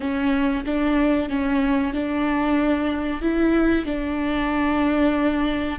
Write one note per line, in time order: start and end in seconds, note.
0.00 0.65 C#4
0.65 1.29 D4
1.29 1.93 C#4
1.93 3.21 D4
3.21 3.85 E4
3.85 5.79 D4